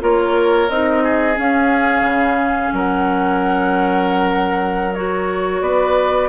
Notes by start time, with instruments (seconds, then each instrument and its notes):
0.00 bassoon A#3, clarinet F4, oboe A#4, flute C#5
0.69 bassoon C4, clarinet D#4, flute D#5
1.03 oboe G#4
1.34 clarinet C#4, bassoon C#4, flute F5
2.01 bassoon C#3
2.72 bassoon F#3, oboe A#4, flute F#5
4.94 clarinet F#4, flute C#5
5.61 bassoon B3, oboe B4, flute D5